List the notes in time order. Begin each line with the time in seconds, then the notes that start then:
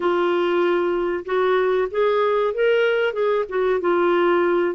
0.00 F4
1.25 F#4
1.90 G#4
2.53 A#4
3.13 G#4
3.49 F#4
3.80 F4